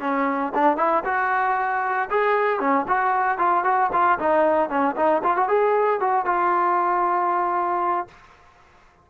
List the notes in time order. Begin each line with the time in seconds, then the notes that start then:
0.00 C#4
0.54 D4
0.77 E4
1.04 F#4
2.10 G#4
2.59 C#4
2.87 F#4
3.38 F4
3.64 F#4
3.92 F4
4.19 D#4
4.69 C#4
4.96 D#4
5.23 F4
5.36 F#4
5.48 G#4
6.00 F#4
6.25 F4